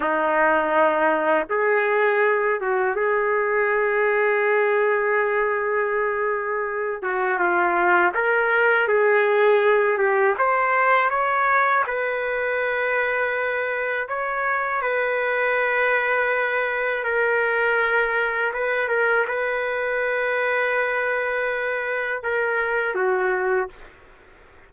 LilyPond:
\new Staff \with { instrumentName = "trumpet" } { \time 4/4 \tempo 4 = 81 dis'2 gis'4. fis'8 | gis'1~ | gis'4. fis'8 f'4 ais'4 | gis'4. g'8 c''4 cis''4 |
b'2. cis''4 | b'2. ais'4~ | ais'4 b'8 ais'8 b'2~ | b'2 ais'4 fis'4 | }